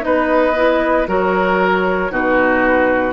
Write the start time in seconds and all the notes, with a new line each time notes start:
0.00 B3 D#4 B4 D#5
0.56 E4
1.07 F#3 F#4 A#4 C#5
2.09 B2 D#4 F#4 B4